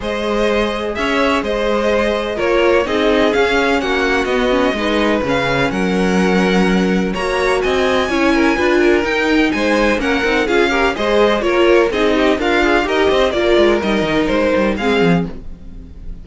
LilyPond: <<
  \new Staff \with { instrumentName = "violin" } { \time 4/4 \tempo 4 = 126 dis''2 e''4 dis''4~ | dis''4 cis''4 dis''4 f''4 | fis''4 dis''2 f''4 | fis''2. ais''4 |
gis''2. g''4 | gis''4 fis''4 f''4 dis''4 | cis''4 dis''4 f''4 dis''4 | d''4 dis''4 c''4 f''4 | }
  \new Staff \with { instrumentName = "violin" } { \time 4/4 c''2 cis''4 c''4~ | c''4 ais'4 gis'2 | fis'2 b'2 | ais'2. cis''4 |
dis''4 cis''8 ais'8 b'8 ais'4. | c''4 ais'4 gis'8 ais'8 c''4 | ais'4 gis'8 g'8 f'4 ais'8 c''8 | ais'2. gis'4 | }
  \new Staff \with { instrumentName = "viola" } { \time 4/4 gis'1~ | gis'4 f'4 dis'4 cis'4~ | cis'4 b8 cis'8 dis'4 cis'4~ | cis'2. fis'4~ |
fis'4 e'4 f'4 dis'4~ | dis'4 cis'8 dis'8 f'8 g'8 gis'4 | f'4 dis'4 ais'8 gis'8 g'4 | f'4 dis'2 c'4 | }
  \new Staff \with { instrumentName = "cello" } { \time 4/4 gis2 cis'4 gis4~ | gis4 ais4 c'4 cis'4 | ais4 b4 gis4 cis4 | fis2. ais4 |
c'4 cis'4 d'4 dis'4 | gis4 ais8 c'8 cis'4 gis4 | ais4 c'4 d'4 dis'8 c'8 | ais8 gis8 g8 dis8 gis8 g8 gis8 f8 | }
>>